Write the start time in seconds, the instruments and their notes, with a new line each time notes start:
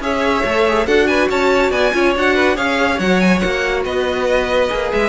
0.00 cello C#4, viola G#4, violin C#5 E5
0.44 cello A3, viola A4
0.67 viola G#4
0.86 cello D4, viola F#4, violin A4 F#5
1.07 violin B4 G#5
1.29 cello C#4, violin C#5 A5
1.71 cello B3, violin D5 G#5
1.93 cello C#4, viola F4, violin C#5
2.14 cello D4, viola F#4, violin F#5
2.35 violin B4
2.55 cello C#4, viola G#4, violin C#5 F5
2.99 cello F#3, viola F#4, violin F#5
3.20 violin G#5
3.39 cello A#3, violin F#5
3.84 cello B3, violin B4 D#5
4.69 cello A#3, viola G#4
4.92 cello G#3, violin E5